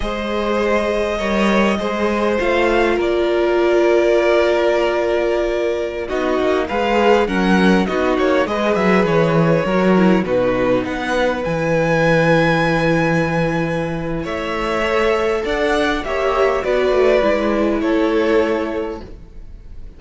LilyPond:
<<
  \new Staff \with { instrumentName = "violin" } { \time 4/4 \tempo 4 = 101 dis''1 | f''4 d''2.~ | d''2~ d''16 dis''4 f''8.~ | f''16 fis''4 dis''8 cis''8 dis''8 e''8 cis''8.~ |
cis''4~ cis''16 b'4 fis''4 gis''8.~ | gis''1 | e''2 fis''4 e''4 | d''2 cis''2 | }
  \new Staff \with { instrumentName = "violin" } { \time 4/4 c''2 cis''4 c''4~ | c''4 ais'2.~ | ais'2~ ais'16 fis'4 b'8.~ | b'16 ais'4 fis'4 b'4.~ b'16~ |
b'16 ais'4 fis'4 b'4.~ b'16~ | b'1 | cis''2 d''4 cis''4 | b'2 a'2 | }
  \new Staff \with { instrumentName = "viola" } { \time 4/4 gis'2 ais'4 gis'4 | f'1~ | f'2~ f'16 dis'4 gis'8.~ | gis'16 cis'4 dis'4 gis'4.~ gis'16~ |
gis'16 fis'8 e'8 dis'2 e'8.~ | e'1~ | e'4 a'2 g'4 | fis'4 e'2. | }
  \new Staff \with { instrumentName = "cello" } { \time 4/4 gis2 g4 gis4 | a4 ais2.~ | ais2~ ais16 b8 ais8 gis8.~ | gis16 fis4 b8 ais8 gis8 fis8 e8.~ |
e16 fis4 b,4 b4 e8.~ | e1 | a2 d'4 ais4 | b8 a8 gis4 a2 | }
>>